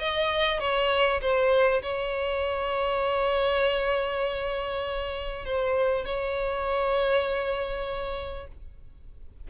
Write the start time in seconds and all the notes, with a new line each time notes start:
0.00 D#5
0.60 C#5
1.22 C5
1.83 C#5
5.46 C5
6.06 C#5